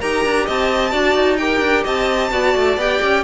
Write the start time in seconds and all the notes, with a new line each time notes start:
0.00 D#4 G4 A#4 A#5
0.25 D4
0.46 C4 D#5 A5
0.91 D4 F#4 D5
1.15 D#4
1.38 G4 A#4 G5
1.61 D4
1.84 C4 D#5 A5
2.32 B3 F#4 D5
2.57 A3
2.77 B3 G4 G5
3.03 C#4